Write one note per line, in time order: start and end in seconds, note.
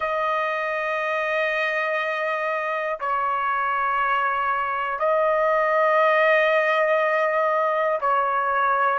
0.00 2.99 D#5
3.00 4.99 C#5
4.99 7.99 D#5
8.00 8.99 C#5